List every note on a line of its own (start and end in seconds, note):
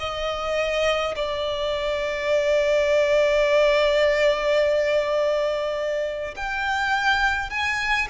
0.00 1.15 D#5
1.16 6.35 D5
6.36 7.51 G5
7.51 8.08 G#5